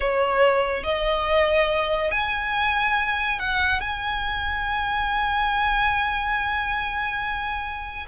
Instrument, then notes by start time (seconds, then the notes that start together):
violin
0.00 C#5
0.83 D#5
2.11 G#5
3.39 F#5
3.80 G#5